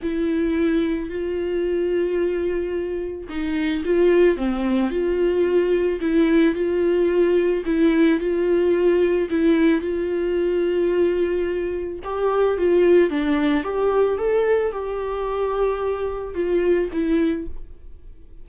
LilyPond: \new Staff \with { instrumentName = "viola" } { \time 4/4 \tempo 4 = 110 e'2 f'2~ | f'2 dis'4 f'4 | c'4 f'2 e'4 | f'2 e'4 f'4~ |
f'4 e'4 f'2~ | f'2 g'4 f'4 | d'4 g'4 a'4 g'4~ | g'2 f'4 e'4 | }